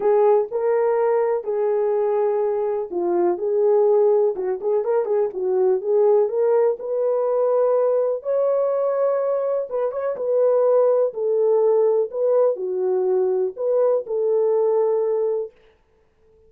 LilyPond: \new Staff \with { instrumentName = "horn" } { \time 4/4 \tempo 4 = 124 gis'4 ais'2 gis'4~ | gis'2 f'4 gis'4~ | gis'4 fis'8 gis'8 ais'8 gis'8 fis'4 | gis'4 ais'4 b'2~ |
b'4 cis''2. | b'8 cis''8 b'2 a'4~ | a'4 b'4 fis'2 | b'4 a'2. | }